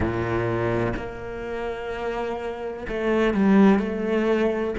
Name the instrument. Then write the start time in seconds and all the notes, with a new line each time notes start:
cello
0.00 A#2
0.96 A#3
2.88 A3
3.33 G3
3.79 A3